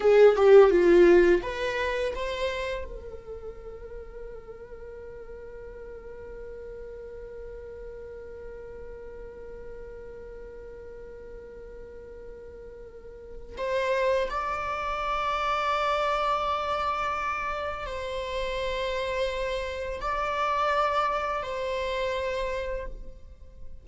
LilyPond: \new Staff \with { instrumentName = "viola" } { \time 4/4 \tempo 4 = 84 gis'8 g'8 f'4 b'4 c''4 | ais'1~ | ais'1~ | ais'1~ |
ais'2. c''4 | d''1~ | d''4 c''2. | d''2 c''2 | }